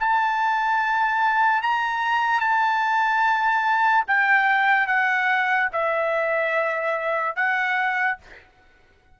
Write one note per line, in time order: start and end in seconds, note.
0.00 1.62 A5
1.62 2.40 A#5
2.40 4.05 A5
4.07 4.87 G5
4.87 5.69 F#5
5.73 7.36 E5
7.36 8.18 F#5